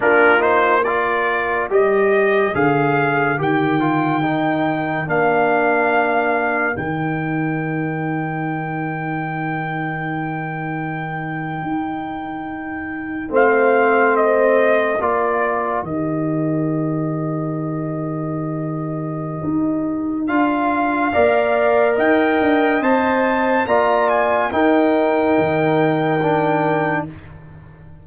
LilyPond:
<<
  \new Staff \with { instrumentName = "trumpet" } { \time 4/4 \tempo 4 = 71 ais'8 c''8 d''4 dis''4 f''4 | g''2 f''2 | g''1~ | g''2.~ g''8. f''16~ |
f''8. dis''4 d''4 dis''4~ dis''16~ | dis''1 | f''2 g''4 a''4 | ais''8 gis''8 g''2. | }
  \new Staff \with { instrumentName = "horn" } { \time 4/4 f'4 ais'2.~ | ais'1~ | ais'1~ | ais'2.~ ais'8. c''16~ |
c''4.~ c''16 ais'2~ ais'16~ | ais'1~ | ais'4 d''4 dis''2 | d''4 ais'2. | }
  \new Staff \with { instrumentName = "trombone" } { \time 4/4 d'8 dis'8 f'4 g'4 gis'4 | g'8 f'8 dis'4 d'2 | dis'1~ | dis'2.~ dis'8. c'16~ |
c'4.~ c'16 f'4 g'4~ g'16~ | g'1 | f'4 ais'2 c''4 | f'4 dis'2 d'4 | }
  \new Staff \with { instrumentName = "tuba" } { \time 4/4 ais2 g4 d4 | dis2 ais2 | dis1~ | dis4.~ dis16 dis'2 a16~ |
a4.~ a16 ais4 dis4~ dis16~ | dis2. dis'4 | d'4 ais4 dis'8 d'8 c'4 | ais4 dis'4 dis2 | }
>>